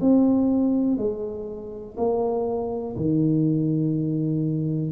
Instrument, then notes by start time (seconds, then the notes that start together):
tuba
0.00 C4
0.97 G#3
1.97 A#3
2.96 D#3